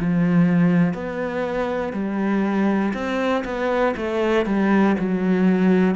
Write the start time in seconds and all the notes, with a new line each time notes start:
0.00 F3
0.94 B3
1.93 G3
2.94 C4
3.45 B3
3.96 A3
4.45 G3
4.99 F#3